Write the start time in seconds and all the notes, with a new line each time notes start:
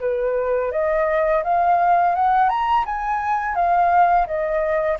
0.00 B4
0.71 D#5
1.43 F5
2.15 F#5
2.49 A#5
2.85 G#5
3.55 F5
4.26 D#5